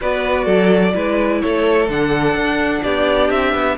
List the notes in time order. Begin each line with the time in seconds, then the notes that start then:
0.00 B3 F#4 B4 D5
0.45 F#3 A4
0.93 G#3 E4 B4
1.41 A3 A4 C#5
1.88 D3 D4 F#5
2.34 D4
2.82 B3 G4 D5
3.30 C4 E5
3.53 B3